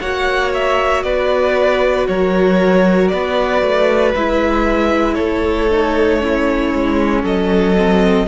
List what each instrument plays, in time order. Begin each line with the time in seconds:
0.00 cello A#3, viola F#4, violin C#5 F#5
0.53 violin E5
1.03 cello B3, violin B4 D5
2.07 cello F#3, violin A#4 C#5
3.08 cello B3, violin B4 D5
3.62 cello A3
4.15 cello G#3, viola E4, violin E5
5.14 cello A3, violin A4 C#5
5.70 viola D#4
6.20 viola C#4, violin E4
6.73 cello G#3
7.23 cello F#3, violin A4 D#5
7.77 viola C4